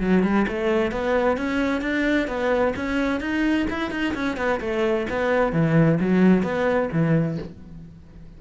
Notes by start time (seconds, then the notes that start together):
0.00 F#3
0.23 G3
0.48 A3
0.92 B3
1.37 C#4
1.81 D4
2.28 B3
2.76 C#4
3.21 D#4
3.70 E4
3.91 D#4
4.14 C#4
4.37 B3
4.61 A3
5.10 B3
5.53 E3
6.00 F#3
6.43 B3
6.92 E3